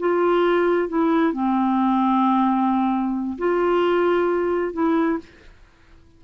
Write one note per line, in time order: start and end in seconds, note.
0.00 0.89 F4
0.89 1.33 E4
1.33 3.38 C4
3.39 4.74 F4
4.74 5.19 E4